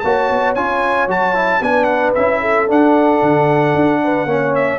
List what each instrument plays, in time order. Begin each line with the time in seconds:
0.00 tuba A#3, trombone F#4, horn C#5, trumpet A5
0.30 tuba B3
0.55 tuba C#4, trombone F4, trumpet G#5
1.08 tuba F#3, trombone F#4, trumpet A5
1.35 trombone E4
1.61 tuba B3, trombone D4, horn B4, trumpet G#5
1.84 trumpet F#5
2.15 tuba C#4, trombone E4, trumpet E5
2.41 horn A4
2.68 trombone D4, tuba D4, trumpet F#5
3.22 tuba D3
3.75 tuba D4
4.04 horn B4
4.26 tuba A#3, trombone C#4, horn C#5
4.56 trumpet E5